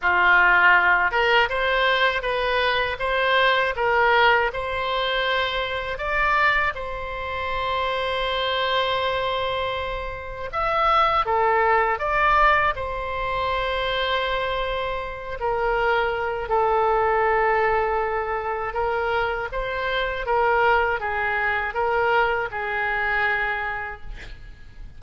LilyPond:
\new Staff \with { instrumentName = "oboe" } { \time 4/4 \tempo 4 = 80 f'4. ais'8 c''4 b'4 | c''4 ais'4 c''2 | d''4 c''2.~ | c''2 e''4 a'4 |
d''4 c''2.~ | c''8 ais'4. a'2~ | a'4 ais'4 c''4 ais'4 | gis'4 ais'4 gis'2 | }